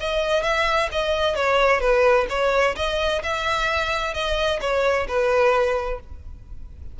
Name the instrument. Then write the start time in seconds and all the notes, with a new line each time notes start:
violin
0.00 D#5
0.43 E5
0.91 D#5
1.35 C#5
1.80 B4
2.29 C#5
2.76 D#5
3.23 E5
4.13 D#5
4.61 C#5
5.07 B4